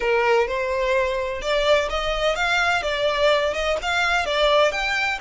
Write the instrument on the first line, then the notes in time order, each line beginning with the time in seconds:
violin
0.00 A#4
0.47 C5
1.41 D5
1.89 D#5
2.35 F5
2.82 D5
3.53 D#5
3.81 F5
4.25 D5
4.71 G5